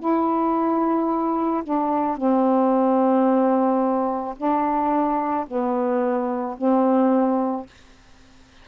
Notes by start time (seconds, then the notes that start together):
0.00 E4
1.64 D4
2.17 C4
4.37 D4
5.47 B3
6.58 C4